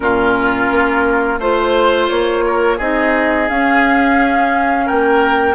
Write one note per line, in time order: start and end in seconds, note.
0.00 0.70 A#2
0.00 1.39 C#4
0.00 1.39 F4
0.00 1.39 A#4
0.71 1.38 A#3
1.38 2.08 A3
1.38 2.79 F4
1.38 2.44 C5
1.38 2.09 C5
2.09 2.79 A#3
2.09 2.78 C#5
2.46 2.77 A#4
2.77 3.49 C4
2.77 3.48 D#4
2.77 4.86 G#4
2.77 3.48 D#5
3.48 5.55 C#4
3.48 4.89 C#4
3.48 4.87 F5
4.86 5.55 A#3
4.86 5.55 A#4
4.86 5.55 G5